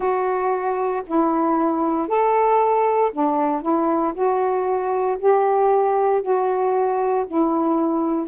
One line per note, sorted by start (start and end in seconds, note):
0.00 1.02 F#4
1.06 2.07 E4
2.07 3.11 A4
3.13 3.62 D4
3.62 4.13 E4
4.14 5.17 F#4
5.19 6.22 G4
6.22 7.25 F#4
7.27 8.27 E4